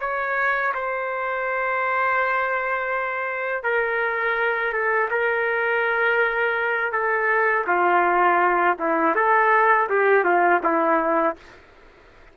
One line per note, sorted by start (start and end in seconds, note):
0.00 0.73 C#5
0.74 3.63 C5
3.63 4.73 A#4
4.73 5.10 A4
5.11 6.92 A#4
6.92 7.65 A4
7.67 8.77 F4
8.79 9.15 E4
9.15 9.88 A4
9.89 10.24 G4
10.24 10.61 F4
10.63 11.36 E4